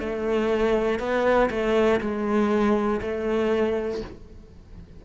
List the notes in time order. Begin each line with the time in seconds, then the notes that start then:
0.00 A3
1.00 B3
1.50 A3
2.01 G#3
3.02 A3